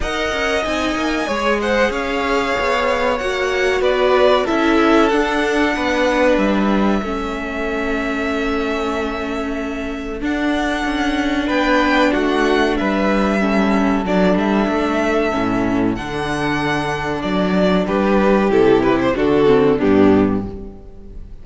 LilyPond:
<<
  \new Staff \with { instrumentName = "violin" } { \time 4/4 \tempo 4 = 94 fis''4 gis''4. fis''8 f''4~ | f''4 fis''4 d''4 e''4 | fis''2 e''2~ | e''1 |
fis''2 g''4 fis''4 | e''2 d''8 e''4.~ | e''4 fis''2 d''4 | b'4 a'8 b'16 c''16 a'4 g'4 | }
  \new Staff \with { instrumentName = "violin" } { \time 4/4 dis''2 cis''8 c''8 cis''4~ | cis''2 b'4 a'4~ | a'4 b'2 a'4~ | a'1~ |
a'2 b'4 fis'4 | b'4 a'2.~ | a'1 | g'2 fis'4 d'4 | }
  \new Staff \with { instrumentName = "viola" } { \time 4/4 ais'4 dis'4 gis'2~ | gis'4 fis'2 e'4 | d'2. cis'4~ | cis'1 |
d'1~ | d'4 cis'4 d'2 | cis'4 d'2.~ | d'4 e'4 d'8 c'8 b4 | }
  \new Staff \with { instrumentName = "cello" } { \time 4/4 dis'8 cis'8 c'8 ais8 gis4 cis'4 | b4 ais4 b4 cis'4 | d'4 b4 g4 a4~ | a1 |
d'4 cis'4 b4 a4 | g2 fis8 g8 a4 | a,4 d2 fis4 | g4 c4 d4 g,4 | }
>>